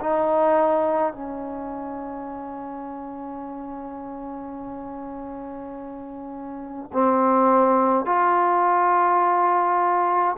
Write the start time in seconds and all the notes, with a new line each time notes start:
0.00 D#4
1.13 C#4
6.92 C4
8.06 F4